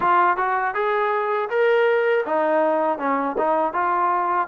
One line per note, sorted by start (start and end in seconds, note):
0.00 0.36 F4
0.36 0.74 F#4
0.74 1.49 G#4
1.49 2.24 A#4
2.25 2.98 D#4
2.98 3.36 C#4
3.38 3.73 D#4
3.73 4.48 F4